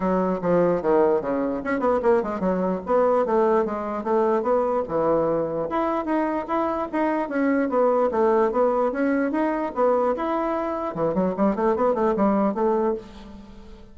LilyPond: \new Staff \with { instrumentName = "bassoon" } { \time 4/4 \tempo 4 = 148 fis4 f4 dis4 cis4 | cis'8 b8 ais8 gis8 fis4 b4 | a4 gis4 a4 b4 | e2 e'4 dis'4 |
e'4 dis'4 cis'4 b4 | a4 b4 cis'4 dis'4 | b4 e'2 e8 fis8 | g8 a8 b8 a8 g4 a4 | }